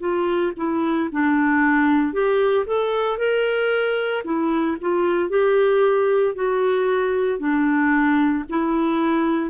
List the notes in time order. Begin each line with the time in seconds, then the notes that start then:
0.00 F4
0.57 E4
1.12 D4
2.13 G4
2.67 A4
3.18 A#4
4.24 E4
4.81 F4
5.30 G4
6.35 F#4
7.39 D4
8.50 E4